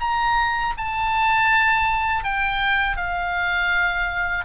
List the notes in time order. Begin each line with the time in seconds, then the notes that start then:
0.00 A#5
0.77 A5
2.24 G5
2.96 F5